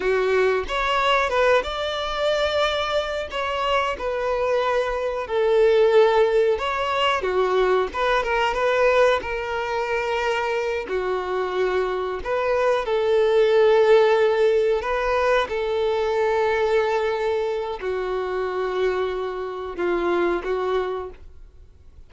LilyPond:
\new Staff \with { instrumentName = "violin" } { \time 4/4 \tempo 4 = 91 fis'4 cis''4 b'8 d''4.~ | d''4 cis''4 b'2 | a'2 cis''4 fis'4 | b'8 ais'8 b'4 ais'2~ |
ais'8 fis'2 b'4 a'8~ | a'2~ a'8 b'4 a'8~ | a'2. fis'4~ | fis'2 f'4 fis'4 | }